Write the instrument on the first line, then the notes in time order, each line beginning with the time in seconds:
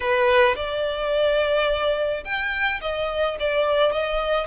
violin
0.00 B4
0.55 D5
2.24 G5
2.81 D#5
3.39 D5
3.92 D#5